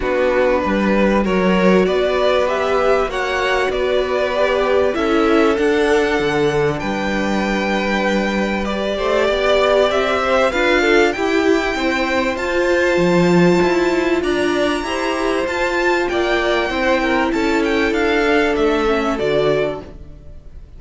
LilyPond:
<<
  \new Staff \with { instrumentName = "violin" } { \time 4/4 \tempo 4 = 97 b'2 cis''4 d''4 | e''4 fis''4 d''2 | e''4 fis''2 g''4~ | g''2 d''2 |
e''4 f''4 g''2 | a''2. ais''4~ | ais''4 a''4 g''2 | a''8 g''8 f''4 e''4 d''4 | }
  \new Staff \with { instrumentName = "violin" } { \time 4/4 fis'4 b'4 ais'4 b'4~ | b'4 cis''4 b'2 | a'2. b'4~ | b'2~ b'8 c''8 d''4~ |
d''8 c''8 b'8 a'8 g'4 c''4~ | c''2. d''4 | c''2 d''4 c''8 ais'8 | a'1 | }
  \new Staff \with { instrumentName = "viola" } { \time 4/4 d'2 fis'2 | g'4 fis'2 g'4 | e'4 d'2.~ | d'2 g'2~ |
g'4 f'4 e'2 | f'1 | g'4 f'2 e'4~ | e'4. d'4 cis'8 fis'4 | }
  \new Staff \with { instrumentName = "cello" } { \time 4/4 b4 g4 fis4 b4~ | b4 ais4 b2 | cis'4 d'4 d4 g4~ | g2~ g8 a8 b4 |
c'4 d'4 e'4 c'4 | f'4 f4 e'4 d'4 | e'4 f'4 ais4 c'4 | cis'4 d'4 a4 d4 | }
>>